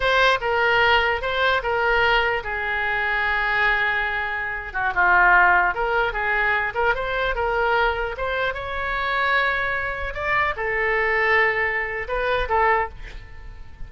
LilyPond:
\new Staff \with { instrumentName = "oboe" } { \time 4/4 \tempo 4 = 149 c''4 ais'2 c''4 | ais'2 gis'2~ | gis'2.~ gis'8. fis'16~ | fis'16 f'2 ais'4 gis'8.~ |
gis'8. ais'8 c''4 ais'4.~ ais'16~ | ais'16 c''4 cis''2~ cis''8.~ | cis''4~ cis''16 d''4 a'4.~ a'16~ | a'2 b'4 a'4 | }